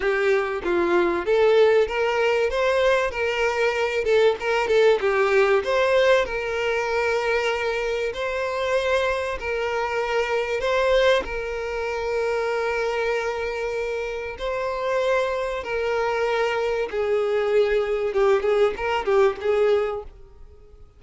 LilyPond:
\new Staff \with { instrumentName = "violin" } { \time 4/4 \tempo 4 = 96 g'4 f'4 a'4 ais'4 | c''4 ais'4. a'8 ais'8 a'8 | g'4 c''4 ais'2~ | ais'4 c''2 ais'4~ |
ais'4 c''4 ais'2~ | ais'2. c''4~ | c''4 ais'2 gis'4~ | gis'4 g'8 gis'8 ais'8 g'8 gis'4 | }